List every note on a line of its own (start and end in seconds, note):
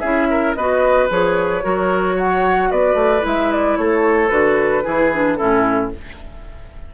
0.00 0.56 C#4
0.00 0.57 E4
0.00 0.27 G#4
0.00 0.54 E5
0.31 0.57 A#4
0.55 1.10 B3
0.55 1.10 F#4
0.55 1.64 B4
0.55 1.08 D#5
1.10 1.64 F3
1.10 1.63 G#4
1.10 2.18 C#5
1.63 2.71 F#3
1.63 3.22 F#4
1.63 2.16 A#4
2.16 2.69 C#5
2.16 2.72 F#5
2.71 2.95 B3
2.71 3.78 B4
2.71 3.25 D5
2.95 3.22 A3
3.22 3.78 G#3
3.22 4.29 E4
3.22 3.52 E5
3.52 3.77 D5
3.77 4.31 A3
3.77 4.84 A4
3.77 4.29 C#5
4.29 4.84 D3
4.29 4.84 F#4
4.29 5.36 B4
4.84 5.40 E3
4.84 5.11 E4
4.84 5.38 G#4
5.14 5.38 D4
5.36 5.95 A2
5.36 5.92 C#4
5.36 5.91 E4
5.36 5.90 A4